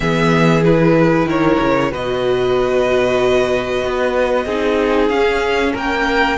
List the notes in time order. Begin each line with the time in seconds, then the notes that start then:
0.00 E3 B3 G#4 E5
0.65 E4 B4
1.25 D#3 A#4 C#5
1.59 C#3
1.91 B2 F#4 B4 D#5
3.84 B3
4.45 C4 D#4 G#4
5.08 C#4 F5
5.73 A#3 A#4 G5